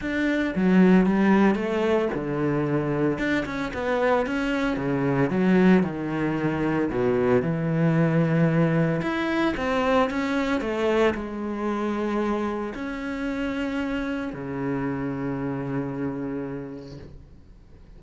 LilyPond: \new Staff \with { instrumentName = "cello" } { \time 4/4 \tempo 4 = 113 d'4 fis4 g4 a4 | d2 d'8 cis'8 b4 | cis'4 cis4 fis4 dis4~ | dis4 b,4 e2~ |
e4 e'4 c'4 cis'4 | a4 gis2. | cis'2. cis4~ | cis1 | }